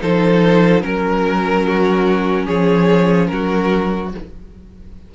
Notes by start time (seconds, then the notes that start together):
0.00 F3 D#4 A4 C5
0.82 F#3 C#4 A#4
1.68 F#4
2.46 F3 G#4 C#5
3.27 F#3 F#4 A#4